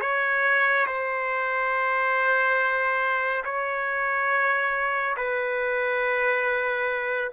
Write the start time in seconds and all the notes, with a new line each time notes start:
0.00 C#5
0.86 C5
3.44 C#5
5.17 B4